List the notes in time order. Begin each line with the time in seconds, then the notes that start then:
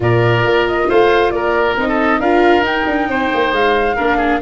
0.00 A#2 F4 A#4 D5
0.44 A#3
0.67 D#5
0.88 A3 C5 F5
1.30 A#3 A#4 D5
1.76 C4 D#4 D#5
1.88 A4
2.19 D4 F4 A#4 F5
2.61 D#4 G5
2.86 D4
3.07 C4 C5
3.34 A#3
3.52 G#3 F5
3.96 A#3 D4 A#4
4.17 G#4